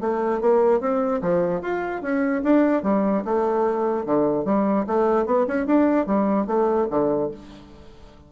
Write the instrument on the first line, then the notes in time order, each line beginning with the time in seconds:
bassoon
0.00 A3
0.41 A#3
0.80 C4
1.21 F3
1.61 F4
2.02 C#4
2.43 D4
2.82 G3
3.25 A3
4.05 D3
4.45 G3
4.86 A3
5.26 B3
5.47 C#4
5.66 D4
6.06 G3
6.47 A3
6.90 D3